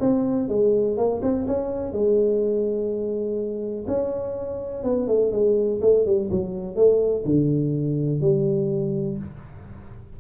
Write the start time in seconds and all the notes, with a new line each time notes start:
0.00 C4
0.48 G#3
0.97 A#3
1.22 C4
1.47 C#4
1.92 G#3
3.87 C#4
4.83 B3
5.07 A3
5.32 G#3
5.82 A3
6.06 G3
6.31 F#3
6.76 A3
7.25 D3
8.21 G3